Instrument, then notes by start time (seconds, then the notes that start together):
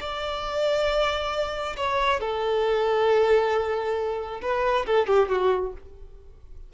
violin
0.00 D5
1.77 C#5
2.20 A4
4.42 B4
4.86 A4
5.07 G4
5.29 F#4